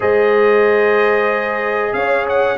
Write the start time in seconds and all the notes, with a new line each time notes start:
0.00 G#3 G#4 C5 D#5
1.93 C#4 C#5 F5
2.28 F#5